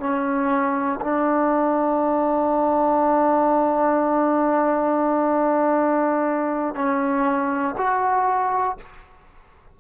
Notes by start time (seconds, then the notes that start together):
0.00 C#4
1.01 D4
6.75 C#4
7.78 F#4